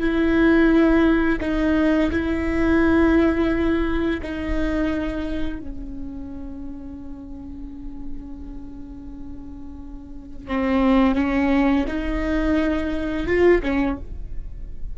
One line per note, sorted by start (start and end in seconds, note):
0.00 1.40 E4
1.40 2.10 D#4
2.11 4.21 E4
4.22 5.60 D#4
5.60 10.48 C#4
10.48 11.15 C4
11.15 11.85 C#4
11.87 13.27 D#4
13.27 13.62 F4
13.62 13.97 C#4